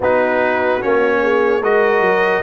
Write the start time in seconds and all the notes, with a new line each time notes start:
0.00 B3 D#4 F#4 B4
0.81 A#3 C#4 C#5
1.21 G#4
1.61 G#3 F#4 A#4 D#5
2.00 F#3